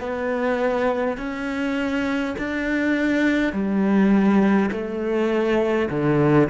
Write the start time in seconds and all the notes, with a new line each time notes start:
0.00 B3
1.18 C#4
2.39 D4
3.53 G3
4.72 A3
5.90 D3